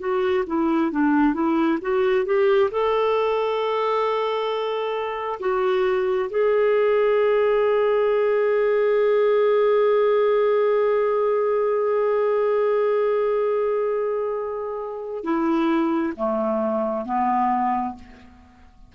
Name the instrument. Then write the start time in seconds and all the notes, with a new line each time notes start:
clarinet
0.00 F#4
0.47 E4
0.92 D4
1.34 E4
1.82 F#4
2.26 G4
2.71 A4
5.40 F#4
6.30 G#4
15.24 E4
16.17 A3
17.06 B3